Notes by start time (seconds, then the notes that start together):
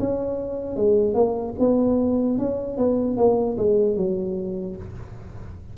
0.00 C#4
0.77 G#3
1.15 A#3
1.60 B3
2.39 C#4
2.78 B3
3.17 A#3
3.58 G#3
3.97 F#3